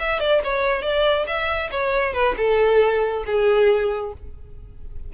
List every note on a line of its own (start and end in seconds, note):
0.00 0.20 E5
0.20 0.42 D5
0.44 0.83 C#5
0.83 1.26 D5
1.27 1.71 E5
1.71 2.14 C#5
2.14 2.36 B4
2.37 3.24 A4
3.26 4.13 G#4